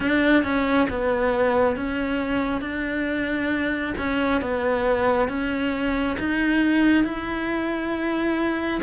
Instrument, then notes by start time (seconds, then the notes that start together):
cello
0.00 D4
0.43 C#4
0.89 B3
1.76 C#4
2.61 D4
3.98 C#4
4.41 B3
5.28 C#4
6.19 D#4
7.04 E4